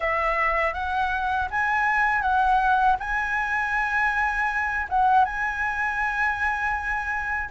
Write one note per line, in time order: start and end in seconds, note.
0.00 0.73 E5
0.73 1.48 F#5
1.50 2.21 G#5
2.21 2.96 F#5
2.99 4.87 G#5
4.89 5.24 F#5
5.24 7.49 G#5